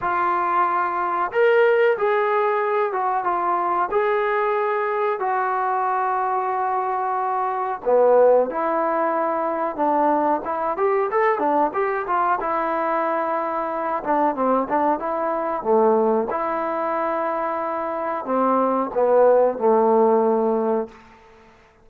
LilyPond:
\new Staff \with { instrumentName = "trombone" } { \time 4/4 \tempo 4 = 92 f'2 ais'4 gis'4~ | gis'8 fis'8 f'4 gis'2 | fis'1 | b4 e'2 d'4 |
e'8 g'8 a'8 d'8 g'8 f'8 e'4~ | e'4. d'8 c'8 d'8 e'4 | a4 e'2. | c'4 b4 a2 | }